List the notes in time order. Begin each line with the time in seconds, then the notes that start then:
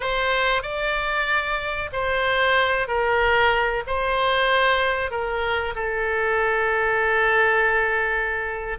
0.00 C5
0.62 D5
1.92 C5
2.87 A#4
3.86 C5
5.10 A#4
5.75 A4